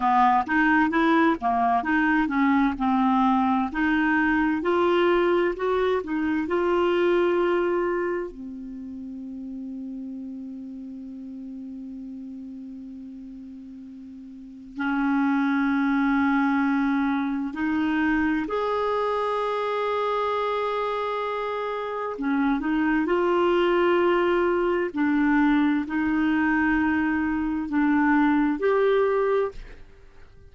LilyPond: \new Staff \with { instrumentName = "clarinet" } { \time 4/4 \tempo 4 = 65 b8 dis'8 e'8 ais8 dis'8 cis'8 c'4 | dis'4 f'4 fis'8 dis'8 f'4~ | f'4 c'2.~ | c'1 |
cis'2. dis'4 | gis'1 | cis'8 dis'8 f'2 d'4 | dis'2 d'4 g'4 | }